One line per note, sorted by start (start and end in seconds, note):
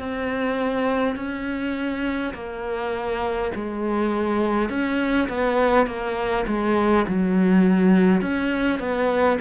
0.00 1.16 C4
1.16 2.34 C#4
2.34 3.52 A#3
3.56 4.70 G#3
4.70 5.29 C#4
5.29 5.87 B3
5.87 6.46 A#3
6.47 7.06 G#3
7.09 8.22 F#3
8.22 8.80 C#4
8.80 9.39 B3